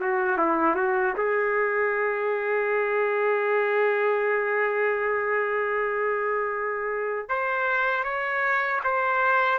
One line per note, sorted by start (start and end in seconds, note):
0.00 0.37 F#4
0.37 0.75 E4
0.75 1.13 F#4
1.16 7.29 G#4
7.29 8.03 C5
8.03 8.80 C#5
8.84 9.58 C5